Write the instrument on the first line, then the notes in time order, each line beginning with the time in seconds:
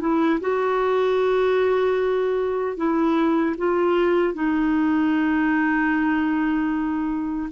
clarinet
0.00 E4
0.41 F#4
2.77 E4
3.58 F4
4.34 D#4